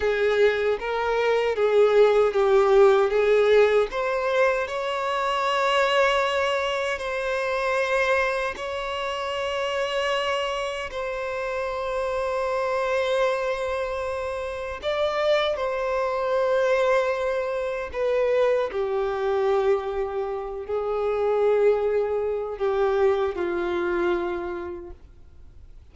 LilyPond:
\new Staff \with { instrumentName = "violin" } { \time 4/4 \tempo 4 = 77 gis'4 ais'4 gis'4 g'4 | gis'4 c''4 cis''2~ | cis''4 c''2 cis''4~ | cis''2 c''2~ |
c''2. d''4 | c''2. b'4 | g'2~ g'8 gis'4.~ | gis'4 g'4 f'2 | }